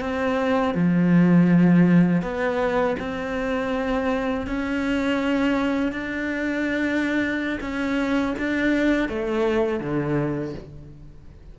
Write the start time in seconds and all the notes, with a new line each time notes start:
0.00 C4
0.74 F3
2.22 B3
2.99 C4
4.46 C#4
5.92 D4
7.61 C#4
8.38 D4
9.09 A3
9.80 D3